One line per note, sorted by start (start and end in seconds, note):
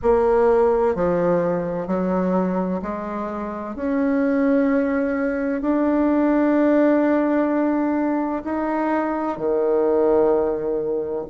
0.02 0.95 A#3
0.95 1.87 F3
1.87 2.81 F#3
2.81 3.75 G#3
3.75 5.61 C#4
5.61 8.42 D4
8.44 9.37 D#4
9.37 11.25 D#3